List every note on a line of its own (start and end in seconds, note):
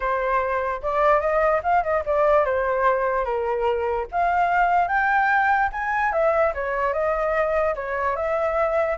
0.00 0.81 C5
0.82 1.20 D5
1.20 1.61 D#5
1.63 1.83 F5
1.83 2.03 D#5
2.05 2.45 D5
2.45 3.24 C5
3.24 4.06 A#4
4.11 4.88 F5
4.88 5.69 G5
5.72 6.12 G#5
6.12 6.53 E5
6.54 6.93 C#5
6.93 7.74 D#5
7.75 8.15 C#5
8.16 8.97 E5